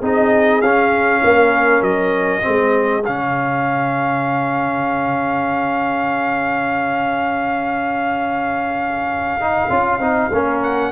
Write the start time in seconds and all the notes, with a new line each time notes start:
0.00 C4 D#4 G#4 D#5
0.62 C#4 F5
1.24 A#3 A#4
1.82 F#3 D#5
2.42 G#3 C4 G#4
3.05 C#3 C#4 F5
9.41 D#4
9.70 C#4 F4
9.99 C4 D#4
10.32 A#3 C#4 A#4
10.63 F#5